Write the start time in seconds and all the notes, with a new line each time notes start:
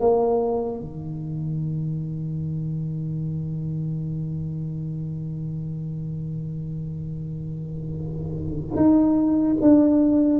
0.00 A#3
0.80 D#3
8.76 D#4
9.61 D4